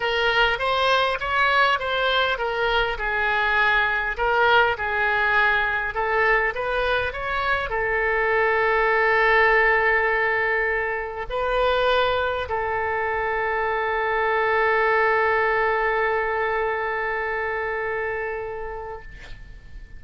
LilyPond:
\new Staff \with { instrumentName = "oboe" } { \time 4/4 \tempo 4 = 101 ais'4 c''4 cis''4 c''4 | ais'4 gis'2 ais'4 | gis'2 a'4 b'4 | cis''4 a'2.~ |
a'2. b'4~ | b'4 a'2.~ | a'1~ | a'1 | }